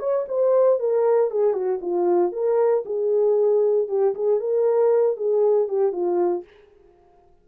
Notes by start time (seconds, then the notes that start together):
0.00 C#5
0.29 C5
0.80 A#4
1.31 G#4
1.54 F#4
1.82 F4
2.33 A#4
2.86 G#4
3.89 G4
4.15 G#4
4.40 A#4
5.17 G#4
5.69 G4
5.92 F4